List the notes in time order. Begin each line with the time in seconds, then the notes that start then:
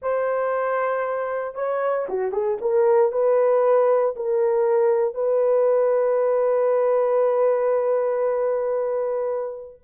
0.02 C5
1.54 C#5
2.08 F#4
2.31 G#4
2.61 A#4
3.12 B4
4.15 A#4
5.14 B4